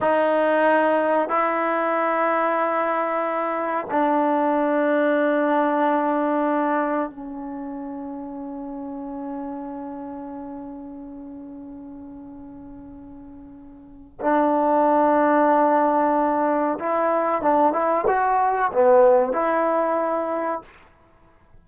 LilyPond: \new Staff \with { instrumentName = "trombone" } { \time 4/4 \tempo 4 = 93 dis'2 e'2~ | e'2 d'2~ | d'2. cis'4~ | cis'1~ |
cis'1~ | cis'2 d'2~ | d'2 e'4 d'8 e'8 | fis'4 b4 e'2 | }